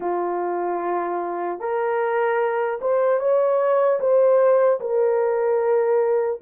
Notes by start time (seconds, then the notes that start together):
0.00 F4
1.59 A#4
2.81 C5
3.19 C#5
4.00 C5
4.80 A#4